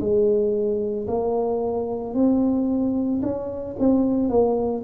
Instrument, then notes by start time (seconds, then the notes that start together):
tuba
0.00 G#3
1.08 A#3
2.14 C4
3.23 C#4
3.79 C4
4.29 A#3